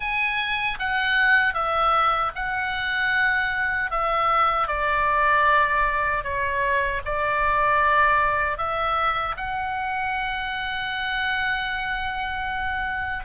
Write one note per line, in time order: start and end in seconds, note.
0.00 0.78 G#5
0.79 1.53 F#5
1.53 2.31 E5
2.35 3.91 F#5
3.91 4.67 E5
4.67 6.23 D5
6.23 7.01 C#5
7.05 8.57 D5
8.57 9.35 E5
9.36 13.24 F#5